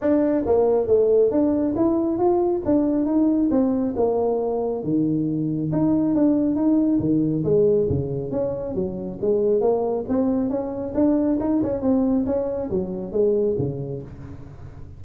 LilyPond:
\new Staff \with { instrumentName = "tuba" } { \time 4/4 \tempo 4 = 137 d'4 ais4 a4 d'4 | e'4 f'4 d'4 dis'4 | c'4 ais2 dis4~ | dis4 dis'4 d'4 dis'4 |
dis4 gis4 cis4 cis'4 | fis4 gis4 ais4 c'4 | cis'4 d'4 dis'8 cis'8 c'4 | cis'4 fis4 gis4 cis4 | }